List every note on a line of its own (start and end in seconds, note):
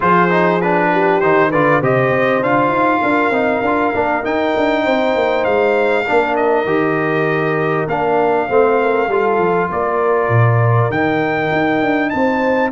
0.00 1.21 F3
0.00 0.29 F4
0.00 0.89 G#4
0.00 0.61 C5
0.30 0.60 D#4
0.61 1.22 D4
0.61 1.20 B4
0.92 1.49 G4
1.20 1.51 D#3
1.20 1.52 D#4
1.20 1.50 C5
1.49 1.81 D3
1.49 1.82 F4
1.49 1.79 B4
1.49 1.81 D5
1.79 2.10 C3
1.79 2.43 G4
1.79 3.01 C5
1.79 2.43 D#5
2.10 2.40 C4
2.42 2.69 D4
2.42 3.32 F4
2.42 4.25 F5
2.69 2.99 D#4
3.02 3.30 D4
3.02 4.83 A#4
3.30 3.60 C4
3.30 3.62 D#4
3.61 3.92 D4
3.61 3.93 F4
3.93 4.24 A#3
3.93 4.23 D4
4.23 6.04 D#4
4.23 4.55 D#4
4.23 5.44 G5
4.57 4.85 D4
4.83 5.15 C4
4.83 6.04 C5
5.15 5.45 A#3
5.44 6.06 G#3
5.44 6.35 F5
6.06 6.65 A#3
6.06 6.66 D4
6.06 8.48 A#4
6.35 7.87 D#5
6.65 7.86 D#3
6.65 7.87 G4
7.87 8.47 A#3
7.87 8.48 D4
7.87 9.70 F5
8.48 9.08 A3
8.48 9.09 C4
8.48 8.78 C5
8.82 9.08 A#4
9.08 9.38 G3
9.08 10.92 F4
9.08 9.69 A4
9.38 9.68 F3
9.70 10.28 A#3
9.70 12.12 A#4
9.70 10.91 D5
10.28 10.89 A#2
10.90 11.50 D#3
10.90 12.72 D#4
10.90 12.09 G5
11.52 11.82 D#4
11.82 12.12 D4
12.09 12.72 C4
12.09 12.72 C5
12.09 12.70 A5